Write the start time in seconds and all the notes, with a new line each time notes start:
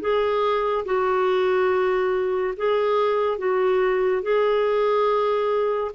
0.00 G#4
0.85 F#4
2.57 G#4
3.38 F#4
4.22 G#4